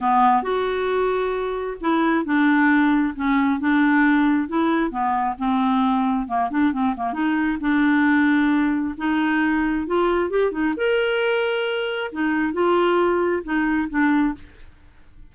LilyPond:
\new Staff \with { instrumentName = "clarinet" } { \time 4/4 \tempo 4 = 134 b4 fis'2. | e'4 d'2 cis'4 | d'2 e'4 b4 | c'2 ais8 d'8 c'8 ais8 |
dis'4 d'2. | dis'2 f'4 g'8 dis'8 | ais'2. dis'4 | f'2 dis'4 d'4 | }